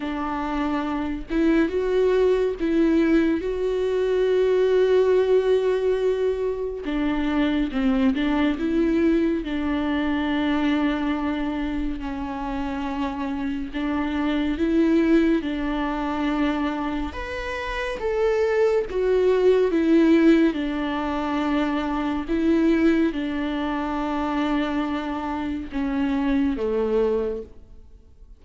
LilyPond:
\new Staff \with { instrumentName = "viola" } { \time 4/4 \tempo 4 = 70 d'4. e'8 fis'4 e'4 | fis'1 | d'4 c'8 d'8 e'4 d'4~ | d'2 cis'2 |
d'4 e'4 d'2 | b'4 a'4 fis'4 e'4 | d'2 e'4 d'4~ | d'2 cis'4 a4 | }